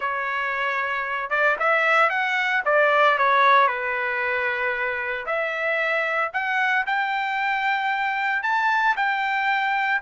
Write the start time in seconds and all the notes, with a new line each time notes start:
0.00 C#5
1.30 D5
1.59 E5
2.09 F#5
2.65 D5
3.18 C#5
3.67 B4
5.25 E5
6.33 F#5
6.86 G5
8.42 A5
8.96 G5